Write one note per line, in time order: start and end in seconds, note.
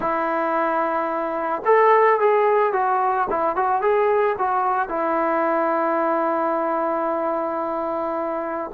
0.00 1.62 E4
1.65 2.19 A4
2.20 2.72 G#4
2.72 3.27 F#4
3.30 3.56 E4
3.56 3.81 F#4
3.81 4.36 G#4
4.38 4.88 F#4
4.88 8.70 E4